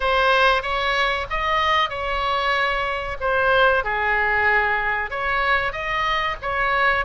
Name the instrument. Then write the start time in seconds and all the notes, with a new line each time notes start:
oboe
0.00 C5
0.62 C#5
1.30 D#5
1.89 C#5
3.20 C5
3.84 G#4
5.10 C#5
5.72 D#5
6.41 C#5